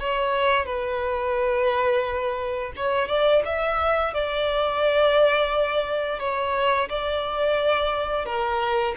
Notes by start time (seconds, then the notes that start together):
0.00 C#5
0.66 B4
2.76 C#5
3.08 D5
3.45 E5
4.14 D5
6.19 C#5
6.89 D5
8.25 A#4